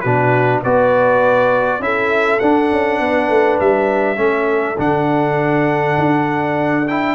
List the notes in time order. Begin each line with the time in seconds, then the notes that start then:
0.00 B2 D4 F#4 B4
0.62 B3 F#4 B4 D5
1.79 C#4 E4 A4 E5
2.39 D4 F#5
2.71 C#4
2.99 B3 B4
3.28 A3
3.60 G3 E5
4.16 A3 C#4 A4
4.77 D3 D4 F#5
5.98 D4
6.87 E4 G5